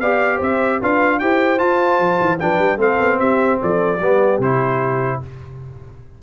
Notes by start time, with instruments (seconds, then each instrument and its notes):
0.00 tuba B3, trombone G4, horn D5, trumpet F5
0.37 tuba C4, horn C5, trumpet E5
0.79 tuba D4, trombone F4, horn B4, trumpet F5
1.19 tuba E4, trombone G4, horn C5, trumpet G5
1.58 trombone F4, tuba F4, trumpet A5
1.99 tuba F3
2.21 tuba E3
2.39 tuba F3, trombone D4, horn B4, trumpet G5
2.59 tuba G3
2.77 tuba A3, trombone C4, horn A4, trumpet F5
3.00 tuba B3
3.19 tuba C4, horn G4, trumpet E5
3.62 tuba F3, horn A4, trumpet D5
3.99 tuba G3, trombone B3, horn G4
4.39 tuba C3, trombone E4, trumpet C5